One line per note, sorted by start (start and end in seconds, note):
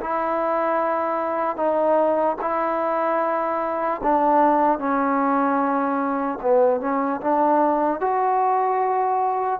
0.00 1.56 E4
1.56 2.36 D#4
2.41 4.01 E4
4.03 4.78 D4
4.78 6.38 C#4
6.41 6.80 B3
6.80 7.20 C#4
7.20 8.00 D4
8.00 9.60 F#4